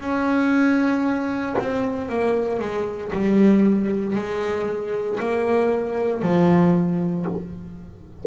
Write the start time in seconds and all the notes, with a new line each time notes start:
0.00 C#4
1.58 C4
2.09 A#3
2.60 G#3
3.12 G3
4.15 G#3
5.19 A#3
6.22 F3